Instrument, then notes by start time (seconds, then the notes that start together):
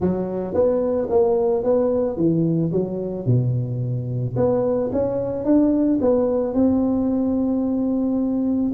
tuba
0.00 F#3
0.54 B3
1.10 A#3
1.63 B3
2.17 E3
2.72 F#3
3.26 B2
4.36 B3
4.92 C#4
5.44 D4
6.01 B3
6.54 C4